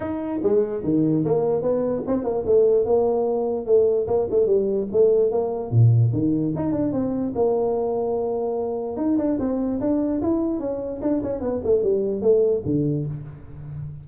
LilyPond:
\new Staff \with { instrumentName = "tuba" } { \time 4/4 \tempo 4 = 147 dis'4 gis4 dis4 ais4 | b4 c'8 ais8 a4 ais4~ | ais4 a4 ais8 a8 g4 | a4 ais4 ais,4 dis4 |
dis'8 d'8 c'4 ais2~ | ais2 dis'8 d'8 c'4 | d'4 e'4 cis'4 d'8 cis'8 | b8 a8 g4 a4 d4 | }